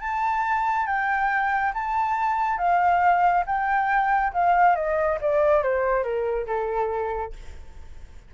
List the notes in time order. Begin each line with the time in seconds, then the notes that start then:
0.00 A5
0.86 G5
1.73 A5
2.57 F5
3.46 G5
4.33 F5
4.75 D#5
5.21 D5
5.63 C5
6.03 A#4
6.46 A4